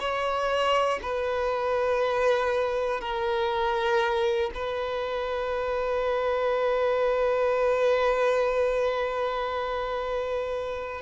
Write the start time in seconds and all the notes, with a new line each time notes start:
0.00 C#5
1.03 B4
3.01 A#4
4.55 B4